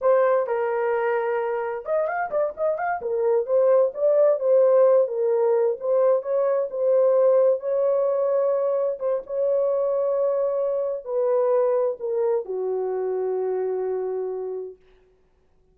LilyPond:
\new Staff \with { instrumentName = "horn" } { \time 4/4 \tempo 4 = 130 c''4 ais'2. | dis''8 f''8 d''8 dis''8 f''8 ais'4 c''8~ | c''8 d''4 c''4. ais'4~ | ais'8 c''4 cis''4 c''4.~ |
c''8 cis''2. c''8 | cis''1 | b'2 ais'4 fis'4~ | fis'1 | }